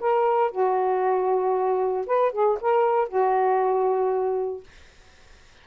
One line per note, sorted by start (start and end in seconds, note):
0.00 0.51 A#4
0.51 2.06 F#4
2.06 2.32 B4
2.32 2.58 G#4
2.61 3.08 A#4
3.08 4.64 F#4